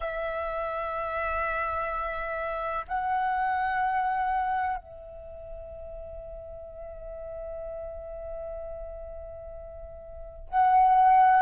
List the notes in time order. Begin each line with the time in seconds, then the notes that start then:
0.00 E5
2.88 F#5
4.77 E5
10.48 F#5